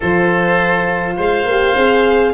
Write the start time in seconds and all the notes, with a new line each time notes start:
0.00 F3 F4 A4 C5
1.16 G#3 C5 F5
1.45 A#3 G4
1.75 C4 G#4